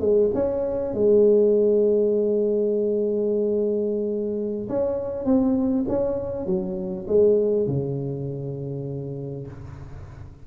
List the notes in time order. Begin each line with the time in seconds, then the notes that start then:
0.00 G#3
0.34 C#4
0.94 G#3
4.69 C#4
5.25 C4
5.88 C#4
6.46 F#3
7.07 G#3
7.67 C#3